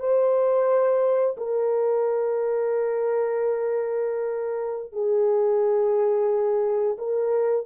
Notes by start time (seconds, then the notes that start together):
0.00 C5
1.38 A#4
4.93 G#4
6.98 A#4